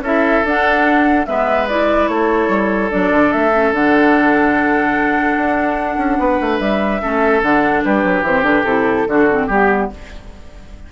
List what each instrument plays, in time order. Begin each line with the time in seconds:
0.00 bassoon C#4, clarinet E4, oboe A4, flute E5
0.45 bassoon D4, clarinet D4, flute F#5
1.26 bassoon G#3, clarinet B3, oboe B4, flute E5
1.68 clarinet E4, flute D5
2.08 bassoon A3, oboe A4, flute C#5
2.49 bassoon G3
2.90 bassoon F#3, clarinet D4, flute D5
3.12 bassoon D3
3.32 bassoon A3, flute E5
3.53 clarinet C#4
3.72 bassoon D3, clarinet D4, flute F#5
5.37 bassoon D4
5.97 bassoon C#4
6.19 bassoon B3, oboe B4
6.41 bassoon A3
6.59 bassoon G3, flute E5
7.02 bassoon A3, clarinet C#4, oboe A4
7.42 bassoon D3, clarinet D4, flute F#5
7.84 bassoon G3, oboe G4, flute B4
8.04 bassoon F#3
8.22 bassoon E3, clarinet C4, flute C5
8.42 bassoon D3, clarinet D4, flute B4
8.64 bassoon C3, clarinet E4, flute A4
9.08 bassoon D3, clarinet D4, oboe F#4
9.30 clarinet C4
9.47 bassoon G3, clarinet B3, oboe G4, flute G4